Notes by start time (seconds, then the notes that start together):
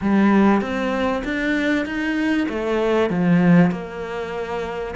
0.01 G3
0.61 C4
1.24 D4
1.85 D#4
2.48 A3
3.09 F3
3.71 A#3